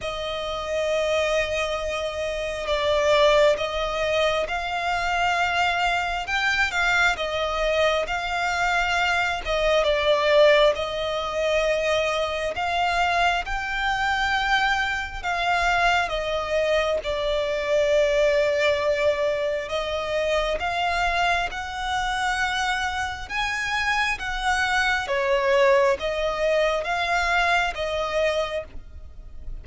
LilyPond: \new Staff \with { instrumentName = "violin" } { \time 4/4 \tempo 4 = 67 dis''2. d''4 | dis''4 f''2 g''8 f''8 | dis''4 f''4. dis''8 d''4 | dis''2 f''4 g''4~ |
g''4 f''4 dis''4 d''4~ | d''2 dis''4 f''4 | fis''2 gis''4 fis''4 | cis''4 dis''4 f''4 dis''4 | }